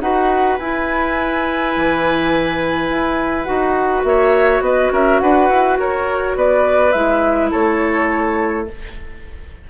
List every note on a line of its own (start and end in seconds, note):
0.00 0.58 D#4
0.00 0.58 F#4
0.00 4.07 B4
0.00 0.58 F#5
0.59 1.74 E4
0.59 3.44 E4
0.59 3.43 G#5
1.76 2.89 E3
2.89 3.47 E4
3.43 4.03 D#4
3.43 6.91 F#4
3.43 4.01 F#5
4.03 4.60 A#3
4.03 4.63 C#5
4.03 4.61 E5
4.60 4.89 B3
4.60 4.92 B4
4.60 4.91 D#5
4.91 5.20 C#4
4.91 5.21 A#4
4.91 5.19 E5
5.19 5.49 D4
5.19 5.79 B4
5.19 5.77 F#5
5.49 5.77 E4
5.77 6.35 F#4
5.77 6.36 A#4
5.77 6.37 C#5
6.35 6.93 B3
6.35 7.51 B4
6.35 6.92 D5
6.92 7.51 G#3
6.92 8.67 E4
6.92 7.49 E5
7.51 8.69 A3
7.51 8.66 A4
7.51 8.67 C#5